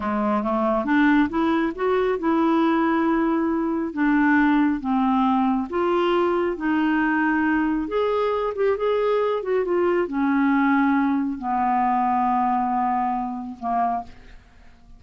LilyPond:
\new Staff \with { instrumentName = "clarinet" } { \time 4/4 \tempo 4 = 137 gis4 a4 d'4 e'4 | fis'4 e'2.~ | e'4 d'2 c'4~ | c'4 f'2 dis'4~ |
dis'2 gis'4. g'8 | gis'4. fis'8 f'4 cis'4~ | cis'2 b2~ | b2. ais4 | }